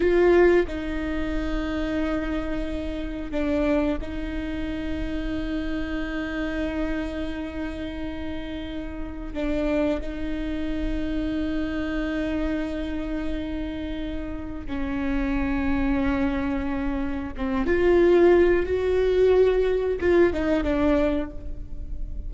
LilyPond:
\new Staff \with { instrumentName = "viola" } { \time 4/4 \tempo 4 = 90 f'4 dis'2.~ | dis'4 d'4 dis'2~ | dis'1~ | dis'2 d'4 dis'4~ |
dis'1~ | dis'2 cis'2~ | cis'2 c'8 f'4. | fis'2 f'8 dis'8 d'4 | }